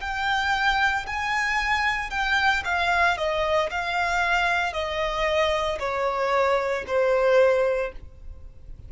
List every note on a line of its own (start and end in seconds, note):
0.00 1.05 G5
1.06 2.10 G#5
2.10 2.63 G5
2.64 3.17 F5
3.17 3.69 D#5
3.70 4.73 F5
4.73 5.78 D#5
5.79 6.84 C#5
6.87 7.92 C5